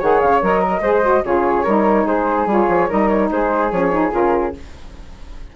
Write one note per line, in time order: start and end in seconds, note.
0.00 0.23 D#3
0.00 0.41 G#4
0.00 0.61 C#5
0.00 0.21 F#5
0.21 0.42 C#3
0.21 0.42 F5
0.41 0.81 F#3
0.41 0.82 A#4
0.41 1.25 D#5
0.61 0.81 A#4
0.81 1.22 G#3
0.81 1.03 G#4
0.81 1.24 C5
1.03 1.24 F#4
1.24 1.67 C#3
1.24 1.65 F4
1.24 1.64 G#4
1.24 2.07 C#5
1.64 2.06 G3
1.64 2.49 D#4
1.64 2.05 A#4
2.06 2.46 G#3
2.06 2.89 G#4
2.06 2.48 C5
2.46 2.67 G3
2.46 2.89 F4
2.53 2.92 C#5
2.69 2.90 F3
2.89 3.31 G3
2.89 3.71 D#4
2.89 3.30 A#4
2.89 3.09 D#5
3.09 3.29 C#5
3.31 3.72 G#3
3.31 4.56 G#4
3.31 3.72 C5
3.72 4.13 F3
3.72 3.93 C#4
3.72 4.13 C#5
3.93 4.12 D#4
4.12 4.55 C#3
4.12 4.53 F4
4.12 4.55 A#4